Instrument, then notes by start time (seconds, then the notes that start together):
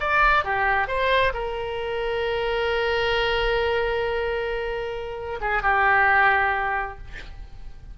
oboe
0.00 D5
0.44 G4
0.88 C5
1.33 A#4
5.41 G#4
5.62 G4